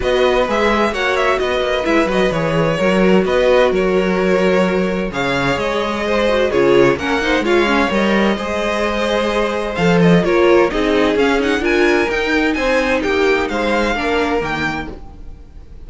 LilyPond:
<<
  \new Staff \with { instrumentName = "violin" } { \time 4/4 \tempo 4 = 129 dis''4 e''4 fis''8 e''8 dis''4 | e''8 dis''8 cis''2 dis''4 | cis''2. f''4 | dis''2 cis''4 fis''4 |
f''4 dis''2.~ | dis''4 f''8 dis''8 cis''4 dis''4 | f''8 fis''8 gis''4 g''4 gis''4 | g''4 f''2 g''4 | }
  \new Staff \with { instrumentName = "violin" } { \time 4/4 b'2 cis''4 b'4~ | b'2 ais'4 b'4 | ais'2. cis''4~ | cis''4 c''4 gis'4 ais'8 c''8 |
cis''2 c''2~ | c''2 ais'4 gis'4~ | gis'4 ais'2 c''4 | g'4 c''4 ais'2 | }
  \new Staff \with { instrumentName = "viola" } { \time 4/4 fis'4 gis'4 fis'2 | e'8 fis'8 gis'4 fis'2~ | fis'2. gis'4~ | gis'4. fis'8 f'4 cis'8 dis'8 |
f'8 cis'8 ais'4 gis'2~ | gis'4 a'4 f'4 dis'4 | cis'8 dis'8 f'4 dis'2~ | dis'2 d'4 ais4 | }
  \new Staff \with { instrumentName = "cello" } { \time 4/4 b4 gis4 ais4 b8 ais8 | gis8 fis8 e4 fis4 b4 | fis2. cis4 | gis2 cis4 ais4 |
gis4 g4 gis2~ | gis4 f4 ais4 c'4 | cis'4 d'4 dis'4 c'4 | ais4 gis4 ais4 dis4 | }
>>